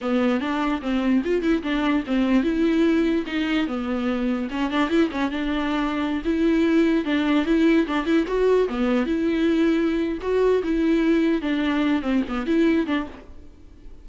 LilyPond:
\new Staff \with { instrumentName = "viola" } { \time 4/4 \tempo 4 = 147 b4 d'4 c'4 f'8 e'8 | d'4 c'4 e'2 | dis'4 b2 cis'8 d'8 | e'8 cis'8 d'2~ d'16 e'8.~ |
e'4~ e'16 d'4 e'4 d'8 e'16~ | e'16 fis'4 b4 e'4.~ e'16~ | e'4 fis'4 e'2 | d'4. c'8 b8 e'4 d'8 | }